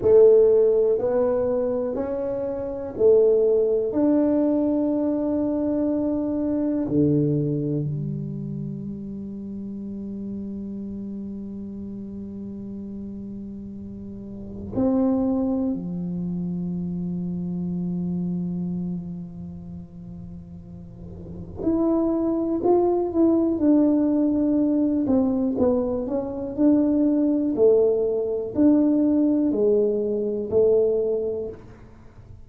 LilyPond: \new Staff \with { instrumentName = "tuba" } { \time 4/4 \tempo 4 = 61 a4 b4 cis'4 a4 | d'2. d4 | g1~ | g2. c'4 |
f1~ | f2 e'4 f'8 e'8 | d'4. c'8 b8 cis'8 d'4 | a4 d'4 gis4 a4 | }